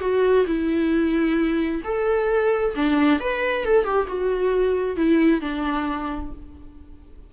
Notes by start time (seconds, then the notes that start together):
0.00 F#4
0.46 E4
1.84 A4
2.75 D4
3.20 B4
3.65 A4
3.84 G4
4.07 F#4
4.96 E4
5.41 D4